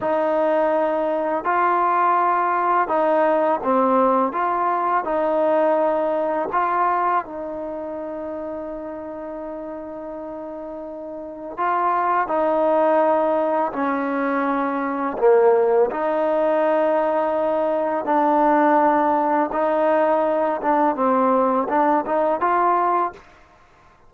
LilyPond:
\new Staff \with { instrumentName = "trombone" } { \time 4/4 \tempo 4 = 83 dis'2 f'2 | dis'4 c'4 f'4 dis'4~ | dis'4 f'4 dis'2~ | dis'1 |
f'4 dis'2 cis'4~ | cis'4 ais4 dis'2~ | dis'4 d'2 dis'4~ | dis'8 d'8 c'4 d'8 dis'8 f'4 | }